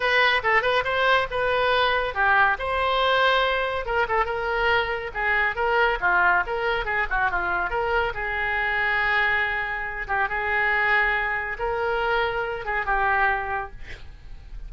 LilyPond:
\new Staff \with { instrumentName = "oboe" } { \time 4/4 \tempo 4 = 140 b'4 a'8 b'8 c''4 b'4~ | b'4 g'4 c''2~ | c''4 ais'8 a'8 ais'2 | gis'4 ais'4 f'4 ais'4 |
gis'8 fis'8 f'4 ais'4 gis'4~ | gis'2.~ gis'8 g'8 | gis'2. ais'4~ | ais'4. gis'8 g'2 | }